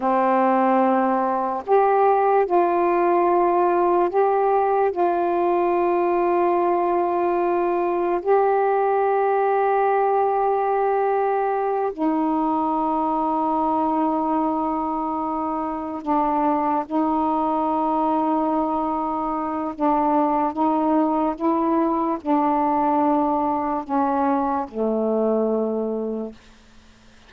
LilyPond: \new Staff \with { instrumentName = "saxophone" } { \time 4/4 \tempo 4 = 73 c'2 g'4 f'4~ | f'4 g'4 f'2~ | f'2 g'2~ | g'2~ g'8 dis'4.~ |
dis'2.~ dis'8 d'8~ | d'8 dis'2.~ dis'8 | d'4 dis'4 e'4 d'4~ | d'4 cis'4 a2 | }